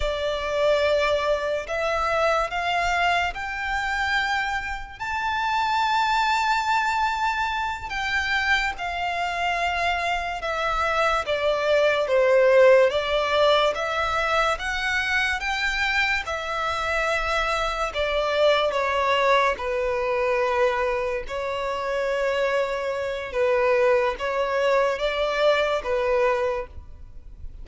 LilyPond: \new Staff \with { instrumentName = "violin" } { \time 4/4 \tempo 4 = 72 d''2 e''4 f''4 | g''2 a''2~ | a''4. g''4 f''4.~ | f''8 e''4 d''4 c''4 d''8~ |
d''8 e''4 fis''4 g''4 e''8~ | e''4. d''4 cis''4 b'8~ | b'4. cis''2~ cis''8 | b'4 cis''4 d''4 b'4 | }